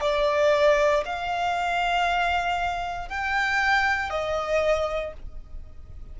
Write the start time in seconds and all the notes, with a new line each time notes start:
0.00 D5
1.05 F5
3.08 G5
4.10 D#5